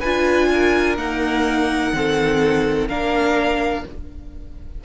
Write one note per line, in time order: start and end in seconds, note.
0.00 0.99 D4
0.00 0.97 F4
0.00 0.48 B4
0.00 0.96 G#5
0.53 1.96 A#4
0.97 1.93 A#3
0.97 1.93 D#4
0.97 2.88 F#5
1.93 2.88 D#3
1.93 2.89 C4
1.93 2.89 A4
2.88 3.84 A#3
2.88 3.85 D4
2.88 3.84 A#4
2.88 3.85 F5